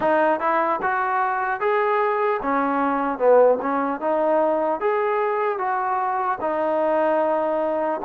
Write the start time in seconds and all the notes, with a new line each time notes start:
0.00 D#4
0.40 E4
0.82 F#4
1.60 G#4
2.42 C#4
3.18 B3
3.61 C#4
4.00 D#4
4.80 G#4
5.58 F#4
6.40 D#4